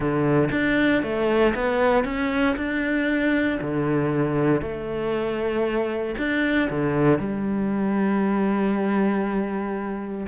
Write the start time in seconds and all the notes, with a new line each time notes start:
0.00 D3
0.51 D4
1.03 A3
1.55 B3
2.04 C#4
2.56 D4
3.61 D3
4.61 A3
6.18 D4
6.69 D3
7.19 G3